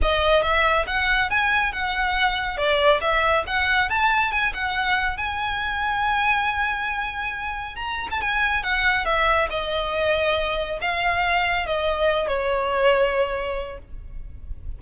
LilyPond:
\new Staff \with { instrumentName = "violin" } { \time 4/4 \tempo 4 = 139 dis''4 e''4 fis''4 gis''4 | fis''2 d''4 e''4 | fis''4 a''4 gis''8 fis''4. | gis''1~ |
gis''2 ais''8. a''16 gis''4 | fis''4 e''4 dis''2~ | dis''4 f''2 dis''4~ | dis''8 cis''2.~ cis''8 | }